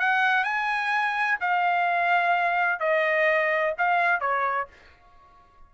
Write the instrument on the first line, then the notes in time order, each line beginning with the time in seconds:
trumpet
0.00 F#5
0.44 G#5
1.41 F5
2.80 D#5
3.78 F5
4.21 C#5